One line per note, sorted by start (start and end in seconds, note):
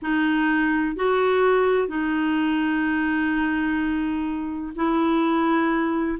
0.02 0.96 D#4
0.96 1.87 F#4
1.87 4.73 D#4
4.75 6.18 E4